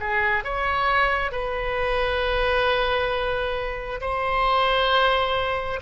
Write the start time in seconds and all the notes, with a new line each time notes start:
0.00 G#4
0.44 C#5
1.31 B4
4.01 C5